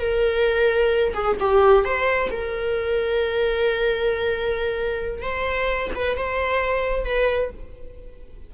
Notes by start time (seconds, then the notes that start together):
0.00 A#4
1.14 G#4
1.40 G4
1.85 C5
2.31 A#4
5.22 C5
5.95 B4
6.17 C5
7.05 B4